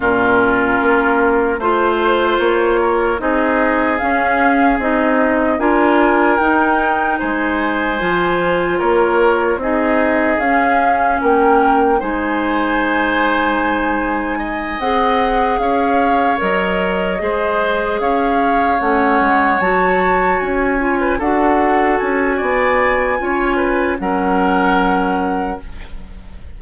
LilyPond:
<<
  \new Staff \with { instrumentName = "flute" } { \time 4/4 \tempo 4 = 75 ais'2 c''4 cis''4 | dis''4 f''4 dis''4 gis''4 | g''4 gis''2 cis''4 | dis''4 f''4 g''4 gis''4~ |
gis''2~ gis''8 fis''4 f''8~ | f''8 dis''2 f''4 fis''8~ | fis''8 a''4 gis''4 fis''4 gis''8~ | gis''2 fis''2 | }
  \new Staff \with { instrumentName = "oboe" } { \time 4/4 f'2 c''4. ais'8 | gis'2. ais'4~ | ais'4 c''2 ais'4 | gis'2 ais'4 c''4~ |
c''2 dis''4. cis''8~ | cis''4. c''4 cis''4.~ | cis''2~ cis''16 b'16 a'4. | d''4 cis''8 b'8 ais'2 | }
  \new Staff \with { instrumentName = "clarinet" } { \time 4/4 cis'2 f'2 | dis'4 cis'4 dis'4 f'4 | dis'2 f'2 | dis'4 cis'2 dis'4~ |
dis'2~ dis'8 gis'4.~ | gis'8 ais'4 gis'2 cis'8~ | cis'8 fis'4. f'8 fis'4.~ | fis'4 f'4 cis'2 | }
  \new Staff \with { instrumentName = "bassoon" } { \time 4/4 ais,4 ais4 a4 ais4 | c'4 cis'4 c'4 d'4 | dis'4 gis4 f4 ais4 | c'4 cis'4 ais4 gis4~ |
gis2~ gis8 c'4 cis'8~ | cis'8 fis4 gis4 cis'4 a8 | gis8 fis4 cis'4 d'4 cis'8 | b4 cis'4 fis2 | }
>>